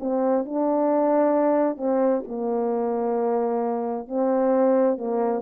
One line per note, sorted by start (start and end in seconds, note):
0.00 0.45 C4
0.45 1.78 D4
1.78 2.23 C4
2.28 4.08 A#3
4.08 4.98 C4
4.98 5.42 A#3